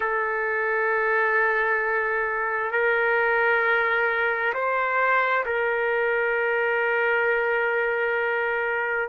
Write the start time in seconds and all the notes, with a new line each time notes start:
0.00 A4
2.71 A#4
4.53 C5
5.45 A#4